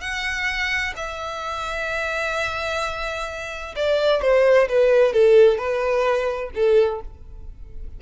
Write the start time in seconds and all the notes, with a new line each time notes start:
0.00 F#5
0.96 E5
3.75 D5
4.21 C5
4.68 B4
5.12 A4
5.57 B4
6.54 A4